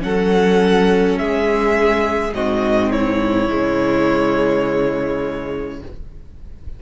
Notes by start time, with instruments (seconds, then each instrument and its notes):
0.00 cello F#3, viola C#4, violin A4 F#5
1.18 cello G#3, violin G#4 E5
2.33 cello G#2, viola C4, violin F#4 D#5
2.90 violin E4 C#5
3.49 cello C#3, viola G#3